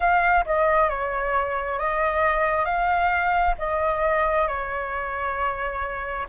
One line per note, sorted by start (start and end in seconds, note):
0.00 0.44 F5
0.45 0.89 D#5
0.89 1.78 C#5
1.79 2.65 D#5
2.65 3.55 F5
3.58 4.47 D#5
4.47 6.26 C#5